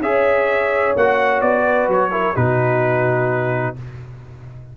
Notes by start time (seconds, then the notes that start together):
0.00 C#4 G#4 C#5 E5
0.95 A#3 F#4 F#5
1.41 B3 D5
1.63 B4
1.88 F#3 C#5
2.11 E4 A#4
2.35 B2 D#4 F#4 B4